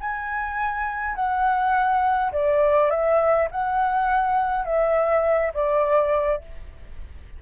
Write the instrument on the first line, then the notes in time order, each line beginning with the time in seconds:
flute
0.00 G#5
1.15 F#5
2.32 D5
2.90 E5
3.51 F#5
4.65 E5
5.53 D5